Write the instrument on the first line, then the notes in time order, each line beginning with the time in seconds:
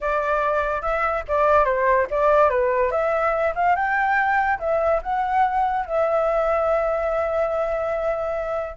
flute
0.00 D5
0.81 E5
1.27 D5
1.65 C5
2.10 D5
2.49 B4
2.91 E5
3.55 F5
3.75 G5
4.59 E5
5.02 F#5
5.86 E5